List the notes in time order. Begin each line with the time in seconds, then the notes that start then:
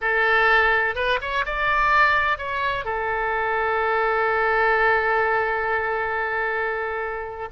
0.01 A4
0.95 B4
1.21 C#5
1.45 D5
2.38 C#5
2.84 A4